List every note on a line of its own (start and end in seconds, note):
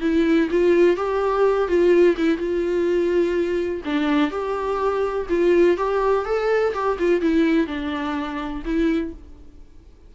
0.00 0.48 E4
0.50 0.96 F4
0.96 1.68 G4
1.68 2.16 F4
2.16 2.37 E4
2.37 3.81 F4
3.84 4.30 D4
4.30 5.26 G4
5.29 5.77 F4
5.77 6.25 G4
6.25 6.73 A4
6.73 6.97 G4
6.98 7.21 F4
7.21 7.66 E4
7.66 8.62 D4
8.65 9.13 E4